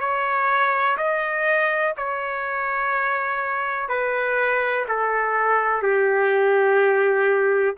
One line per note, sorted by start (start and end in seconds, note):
0.00 0.97 C#5
0.97 1.94 D#5
1.97 3.88 C#5
3.88 4.85 B4
4.88 5.82 A4
5.82 7.76 G4